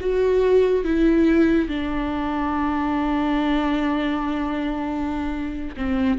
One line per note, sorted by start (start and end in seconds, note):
0.00 0.84 F#4
0.84 1.68 E4
1.68 5.75 D4
5.76 6.18 C4